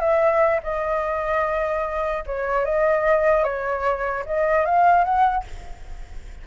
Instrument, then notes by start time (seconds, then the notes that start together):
flute
0.00 E5
0.63 D#5
2.26 C#5
2.65 D#5
3.44 C#5
4.26 D#5
4.66 F5
5.04 F#5